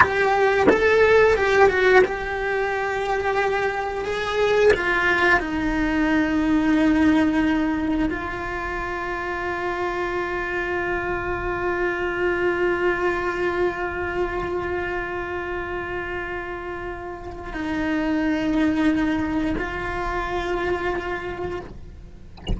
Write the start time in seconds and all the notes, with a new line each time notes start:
0.00 G4
0.69 A4
1.36 G4
1.69 F#4
2.04 G4
4.04 G#4
4.73 F4
5.39 D#4
8.09 F4
17.53 D#4
19.57 F4